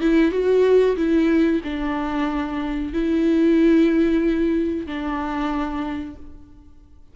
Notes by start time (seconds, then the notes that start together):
0.00 E4
0.31 F#4
0.96 E4
1.64 D4
2.93 E4
4.86 D4